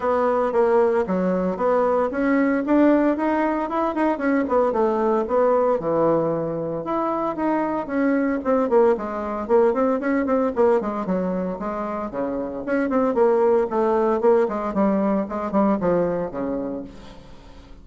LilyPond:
\new Staff \with { instrumentName = "bassoon" } { \time 4/4 \tempo 4 = 114 b4 ais4 fis4 b4 | cis'4 d'4 dis'4 e'8 dis'8 | cis'8 b8 a4 b4 e4~ | e4 e'4 dis'4 cis'4 |
c'8 ais8 gis4 ais8 c'8 cis'8 c'8 | ais8 gis8 fis4 gis4 cis4 | cis'8 c'8 ais4 a4 ais8 gis8 | g4 gis8 g8 f4 cis4 | }